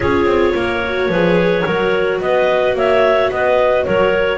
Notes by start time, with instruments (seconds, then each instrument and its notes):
0.00 double bass C#4, viola F4, clarinet G#4 C#5
0.25 double bass C4
0.54 double bass A#3, clarinet A#4
0.85 viola F#4
1.08 double bass F3, viola G#4, clarinet B4
1.65 double bass F#3, viola F#4, clarinet A#4
2.20 double bass B3, clarinet B4 D#5
2.74 double bass A#3, clarinet C#5 E5
3.30 double bass B3, clarinet B4 D#5
3.84 double bass F#3, clarinet A#4 C#5